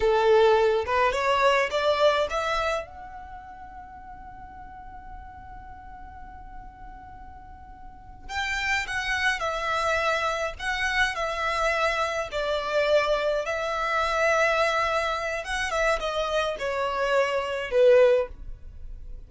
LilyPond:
\new Staff \with { instrumentName = "violin" } { \time 4/4 \tempo 4 = 105 a'4. b'8 cis''4 d''4 | e''4 fis''2.~ | fis''1~ | fis''2~ fis''8 g''4 fis''8~ |
fis''8 e''2 fis''4 e''8~ | e''4. d''2 e''8~ | e''2. fis''8 e''8 | dis''4 cis''2 b'4 | }